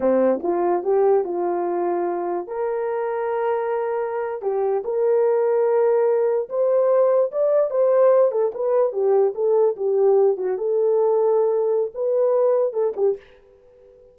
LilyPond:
\new Staff \with { instrumentName = "horn" } { \time 4/4 \tempo 4 = 146 c'4 f'4 g'4 f'4~ | f'2 ais'2~ | ais'2~ ais'8. g'4 ais'16~ | ais'2.~ ais'8. c''16~ |
c''4.~ c''16 d''4 c''4~ c''16~ | c''16 a'8 b'4 g'4 a'4 g'16~ | g'4~ g'16 fis'8 a'2~ a'16~ | a'4 b'2 a'8 g'8 | }